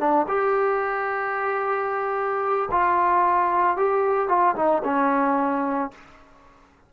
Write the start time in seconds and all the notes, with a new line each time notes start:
0.00 D4
0.28 G4
2.72 F4
3.77 G4
4.29 F4
4.56 D#4
4.84 C#4